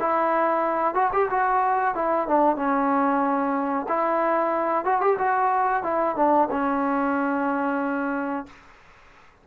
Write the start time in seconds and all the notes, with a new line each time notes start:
0.00 E4
0.95 F#4
1.13 G4
1.30 F#4
1.95 E4
2.28 D4
2.56 C#4
3.89 E4
4.85 F#4
5.01 G4
5.18 F#4
5.83 E4
6.16 D4
6.51 C#4